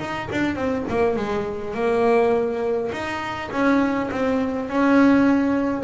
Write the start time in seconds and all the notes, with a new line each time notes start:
0.00 D#4
0.32 D4
0.56 C4
0.89 A#3
1.17 G#3
1.75 A#3
2.93 D#4
3.52 C#4
4.11 C4
4.69 C#4